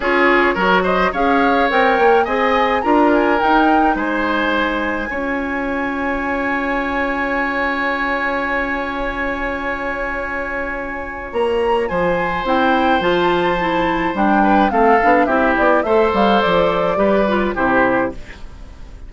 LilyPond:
<<
  \new Staff \with { instrumentName = "flute" } { \time 4/4 \tempo 4 = 106 cis''4. dis''8 f''4 g''4 | gis''4 ais''8 gis''8 g''4 gis''4~ | gis''1~ | gis''1~ |
gis''1 | ais''4 gis''4 g''4 a''4~ | a''4 g''4 f''4 e''8 d''8 | e''8 f''8 d''2 c''4 | }
  \new Staff \with { instrumentName = "oboe" } { \time 4/4 gis'4 ais'8 c''8 cis''2 | dis''4 ais'2 c''4~ | c''4 cis''2.~ | cis''1~ |
cis''1~ | cis''4 c''2.~ | c''4. b'8 a'4 g'4 | c''2 b'4 g'4 | }
  \new Staff \with { instrumentName = "clarinet" } { \time 4/4 f'4 fis'4 gis'4 ais'4 | gis'4 f'4 dis'2~ | dis'4 f'2.~ | f'1~ |
f'1~ | f'2 e'4 f'4 | e'4 d'4 c'8 d'8 e'4 | a'2 g'8 f'8 e'4 | }
  \new Staff \with { instrumentName = "bassoon" } { \time 4/4 cis'4 fis4 cis'4 c'8 ais8 | c'4 d'4 dis'4 gis4~ | gis4 cis'2.~ | cis'1~ |
cis'1 | ais4 f4 c'4 f4~ | f4 g4 a8 b8 c'8 b8 | a8 g8 f4 g4 c4 | }
>>